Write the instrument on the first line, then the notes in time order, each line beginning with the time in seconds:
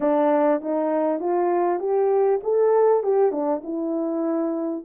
horn
0.00 D4
0.61 D#4
1.19 F4
1.79 G4
2.43 A4
3.03 G4
3.31 D4
3.63 E4